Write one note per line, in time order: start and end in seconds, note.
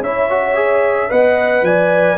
0.00 1.08 C#4
0.00 0.30 E4
0.00 1.11 C#5
0.00 1.11 E5
0.30 0.55 F#4
0.55 1.09 G#4
1.09 1.62 B3
1.09 2.17 B4
1.09 1.65 D#5
1.09 1.65 F#5
1.62 2.16 F3
1.62 2.18 D5
1.62 2.18 G#5